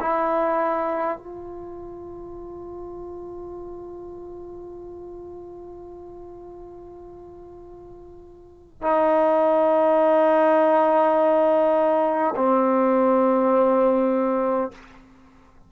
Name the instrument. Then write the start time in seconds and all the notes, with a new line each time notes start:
trombone
0.00 E4
1.18 F4
8.82 D#4
12.36 C4